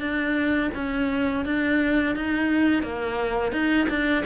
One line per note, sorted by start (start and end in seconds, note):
0.00 0.71 D4
0.75 1.45 C#4
1.45 2.16 D4
2.16 2.83 D#4
2.83 3.52 A#3
3.52 3.87 D#4
3.89 4.24 D4